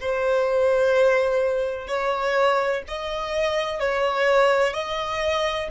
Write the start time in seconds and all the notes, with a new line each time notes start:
0.00 C5
1.87 C#5
2.87 D#5
3.79 C#5
4.73 D#5